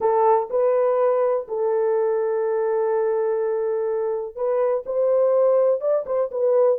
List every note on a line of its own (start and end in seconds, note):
0.00 0.49 A4
0.50 1.46 B4
1.48 4.35 A4
4.35 4.84 B4
4.86 5.80 C5
5.80 6.04 D5
6.06 6.30 C5
6.31 6.78 B4